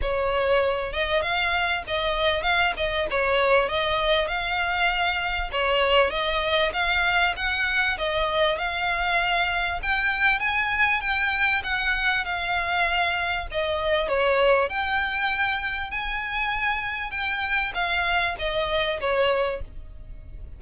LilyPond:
\new Staff \with { instrumentName = "violin" } { \time 4/4 \tempo 4 = 98 cis''4. dis''8 f''4 dis''4 | f''8 dis''8 cis''4 dis''4 f''4~ | f''4 cis''4 dis''4 f''4 | fis''4 dis''4 f''2 |
g''4 gis''4 g''4 fis''4 | f''2 dis''4 cis''4 | g''2 gis''2 | g''4 f''4 dis''4 cis''4 | }